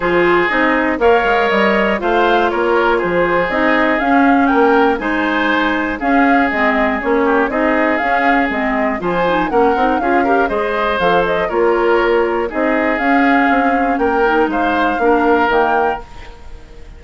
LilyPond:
<<
  \new Staff \with { instrumentName = "flute" } { \time 4/4 \tempo 4 = 120 c''4 dis''4 f''4 dis''4 | f''4 cis''4 c''4 dis''4 | f''4 g''4 gis''2 | f''4 dis''4 cis''4 dis''4 |
f''4 dis''4 gis''4 fis''4 | f''4 dis''4 f''8 dis''8 cis''4~ | cis''4 dis''4 f''2 | g''4 f''2 g''4 | }
  \new Staff \with { instrumentName = "oboe" } { \time 4/4 gis'2 cis''2 | c''4 ais'4 gis'2~ | gis'4 ais'4 c''2 | gis'2~ gis'8 g'8 gis'4~ |
gis'2 c''4 ais'4 | gis'8 ais'8 c''2 ais'4~ | ais'4 gis'2. | ais'4 c''4 ais'2 | }
  \new Staff \with { instrumentName = "clarinet" } { \time 4/4 f'4 dis'4 ais'2 | f'2. dis'4 | cis'2 dis'2 | cis'4 c'4 cis'4 dis'4 |
cis'4 c'4 f'8 dis'8 cis'8 dis'8 | f'8 g'8 gis'4 a'4 f'4~ | f'4 dis'4 cis'2~ | cis'8 dis'4. d'4 ais4 | }
  \new Staff \with { instrumentName = "bassoon" } { \time 4/4 f4 c'4 ais8 gis8 g4 | a4 ais4 f4 c'4 | cis'4 ais4 gis2 | cis'4 gis4 ais4 c'4 |
cis'4 gis4 f4 ais8 c'8 | cis'4 gis4 f4 ais4~ | ais4 c'4 cis'4 c'4 | ais4 gis4 ais4 dis4 | }
>>